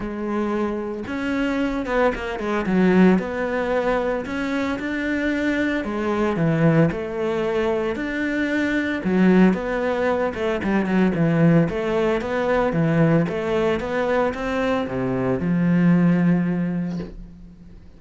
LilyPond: \new Staff \with { instrumentName = "cello" } { \time 4/4 \tempo 4 = 113 gis2 cis'4. b8 | ais8 gis8 fis4 b2 | cis'4 d'2 gis4 | e4 a2 d'4~ |
d'4 fis4 b4. a8 | g8 fis8 e4 a4 b4 | e4 a4 b4 c'4 | c4 f2. | }